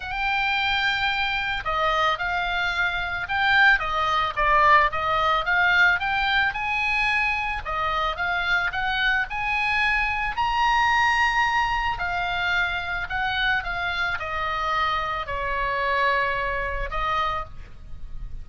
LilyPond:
\new Staff \with { instrumentName = "oboe" } { \time 4/4 \tempo 4 = 110 g''2. dis''4 | f''2 g''4 dis''4 | d''4 dis''4 f''4 g''4 | gis''2 dis''4 f''4 |
fis''4 gis''2 ais''4~ | ais''2 f''2 | fis''4 f''4 dis''2 | cis''2. dis''4 | }